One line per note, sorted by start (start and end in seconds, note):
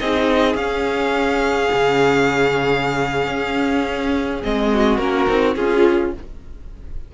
0.00 0.55 C4
0.00 0.57 D#4
0.00 4.73 G#4
0.00 0.57 D#5
0.55 1.69 C#4
0.55 4.43 C#4
0.55 4.42 F5
1.73 3.27 C#3
3.27 4.42 C#4
4.43 4.98 G#3
4.43 5.00 C4
4.43 4.98 D#5
4.73 5.57 F#4
4.98 5.27 A#3
4.98 5.27 C#4
4.98 5.55 A#4
5.27 5.56 C4
5.27 5.56 D#4
5.55 6.13 C#4
5.55 6.14 F4
5.55 6.15 F4
5.55 6.12 G#4